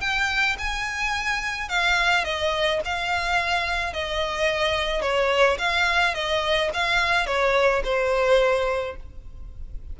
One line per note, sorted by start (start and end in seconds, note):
0.00 0.56 G5
0.58 1.69 G#5
1.69 2.24 F5
2.24 2.80 D#5
2.84 3.93 F5
3.93 5.01 D#5
5.01 5.57 C#5
5.58 6.14 F5
6.14 6.70 D#5
6.73 7.26 F5
7.26 7.82 C#5
7.84 8.96 C5